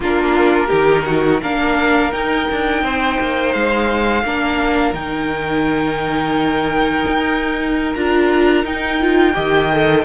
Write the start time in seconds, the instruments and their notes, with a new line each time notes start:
0.00 cello A#3, viola D4, violin F4 A#4
0.66 cello D#3, viola D#4, violin G4
1.05 violin F#4
1.41 cello A#3, viola D4, violin A#4 F5
2.12 cello D#4, viola D#4, violin G5
2.51 cello D4
2.82 cello C4, violin C5
3.19 cello A#3
3.52 cello G#3, violin F5
4.23 cello A#3, viola D4, violin A#4
4.93 cello D#3, viola D#4, violin G5
7.07 cello D#4
7.94 cello D4, viola F4, violin A#5
8.64 cello D#4, viola D#4, violin G5
9.00 viola F4
9.34 cello D#3, viola G4, violin D#5
9.71 viola A4